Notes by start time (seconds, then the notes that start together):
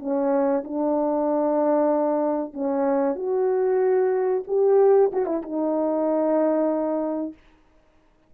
0.00 C#4
0.64 D4
2.54 C#4
3.16 F#4
4.48 G4
5.13 F#4
5.26 E4
5.43 D#4